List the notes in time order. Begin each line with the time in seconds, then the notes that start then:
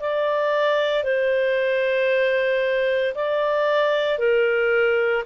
0.00 D5
1.03 C5
3.14 D5
4.18 A#4